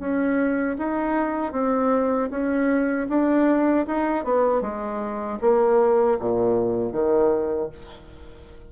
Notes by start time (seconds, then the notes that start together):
0.00 C#4
0.79 D#4
1.53 C4
2.31 C#4
3.09 D4
3.87 D#4
4.24 B3
4.62 G#3
5.42 A#3
6.20 A#2
6.93 D#3